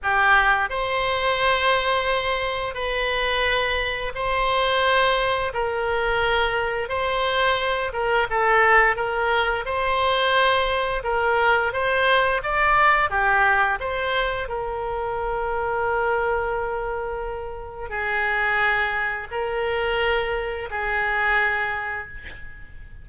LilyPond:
\new Staff \with { instrumentName = "oboe" } { \time 4/4 \tempo 4 = 87 g'4 c''2. | b'2 c''2 | ais'2 c''4. ais'8 | a'4 ais'4 c''2 |
ais'4 c''4 d''4 g'4 | c''4 ais'2.~ | ais'2 gis'2 | ais'2 gis'2 | }